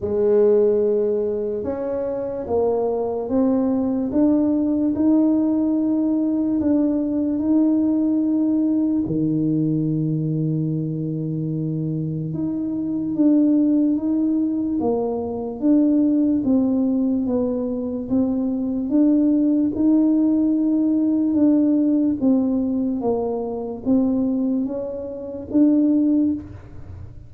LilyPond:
\new Staff \with { instrumentName = "tuba" } { \time 4/4 \tempo 4 = 73 gis2 cis'4 ais4 | c'4 d'4 dis'2 | d'4 dis'2 dis4~ | dis2. dis'4 |
d'4 dis'4 ais4 d'4 | c'4 b4 c'4 d'4 | dis'2 d'4 c'4 | ais4 c'4 cis'4 d'4 | }